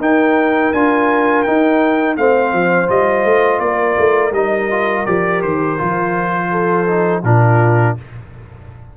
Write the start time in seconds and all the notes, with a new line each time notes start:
0.00 D#4 A#4 G5
0.73 D4 F4 G#5
1.43 D#4 G5
2.17 A3 C4 C5 F5
2.53 F3
2.87 G3 F4 D#5
3.25 A3
3.60 A#3 A#4 D5
3.99 A3
4.32 G3 D#4 D#5
4.71 F4
5.06 F3 G4 D5
5.42 D#3 C5
5.78 F3 F4
6.51 A4
6.87 D#4
7.23 A#2 D4 F4 A#4